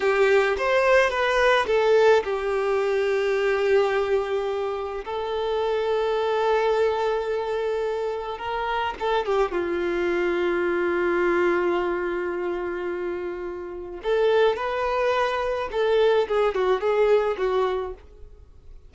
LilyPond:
\new Staff \with { instrumentName = "violin" } { \time 4/4 \tempo 4 = 107 g'4 c''4 b'4 a'4 | g'1~ | g'4 a'2.~ | a'2. ais'4 |
a'8 g'8 f'2.~ | f'1~ | f'4 a'4 b'2 | a'4 gis'8 fis'8 gis'4 fis'4 | }